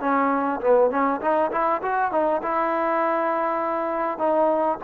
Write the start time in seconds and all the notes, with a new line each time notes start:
0.00 C#4
0.60 B3
0.90 C#4
1.21 D#4
1.51 E4
1.82 F#4
2.11 D#4
2.42 E4
4.18 D#4